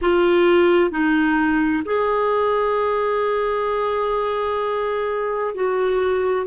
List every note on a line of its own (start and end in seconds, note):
0.01 0.90 F4
0.90 1.83 D#4
1.85 5.54 G#4
5.54 6.46 F#4